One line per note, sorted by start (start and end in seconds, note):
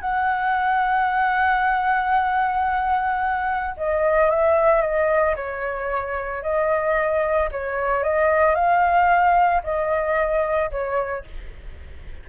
0.00 3.75 F#5
3.76 4.30 D#5
4.30 4.81 E5
4.81 5.35 D#5
5.35 6.42 C#5
6.42 7.49 D#5
7.51 8.03 C#5
8.03 8.55 D#5
8.55 9.62 F5
9.63 10.70 D#5
10.70 11.24 C#5